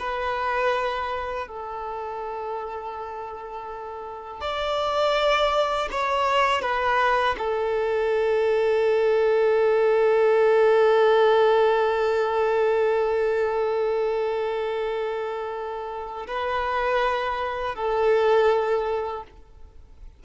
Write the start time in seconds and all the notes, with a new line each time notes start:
0.00 B4
1.48 A4
4.41 D5
5.92 C#5
6.62 B4
7.38 A4
16.28 B4
17.75 A4